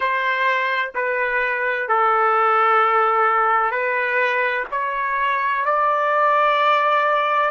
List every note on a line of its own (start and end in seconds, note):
0.00 0.92 C5
0.94 1.88 B4
1.88 3.71 A4
3.71 4.64 B4
4.71 5.65 C#5
5.65 7.50 D5